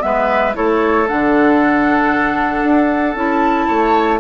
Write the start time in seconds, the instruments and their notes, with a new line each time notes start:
0.00 bassoon G#3, clarinet B3, oboe B4, flute E5
0.55 bassoon A3, clarinet E4, oboe A4, flute C#5
1.09 bassoon D3, clarinet D4, flute F#5
2.64 bassoon D4
3.15 bassoon C#4, clarinet E4, flute A5
3.68 bassoon A3, oboe C#5